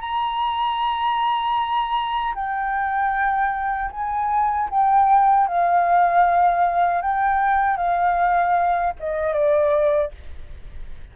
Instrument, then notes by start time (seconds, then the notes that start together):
flute
0.00 A#5
2.34 G5
3.90 G#5
4.70 G5
5.47 F5
7.01 G5
7.77 F5
8.99 D#5
9.33 D5